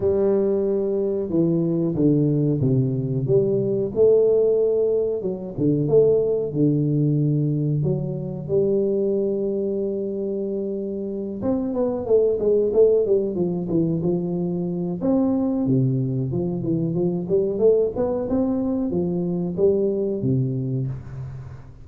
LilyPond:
\new Staff \with { instrumentName = "tuba" } { \time 4/4 \tempo 4 = 92 g2 e4 d4 | c4 g4 a2 | fis8 d8 a4 d2 | fis4 g2.~ |
g4. c'8 b8 a8 gis8 a8 | g8 f8 e8 f4. c'4 | c4 f8 e8 f8 g8 a8 b8 | c'4 f4 g4 c4 | }